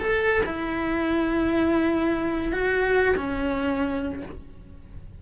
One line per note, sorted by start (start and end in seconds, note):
0.00 0.42 A4
0.46 2.53 E4
2.53 3.16 F#4
3.17 4.23 C#4